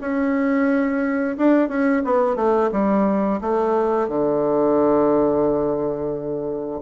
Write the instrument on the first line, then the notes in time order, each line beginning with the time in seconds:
bassoon
0.00 C#4
1.37 D4
1.68 C#4
2.04 B3
2.36 A3
2.71 G3
3.41 A3
4.08 D3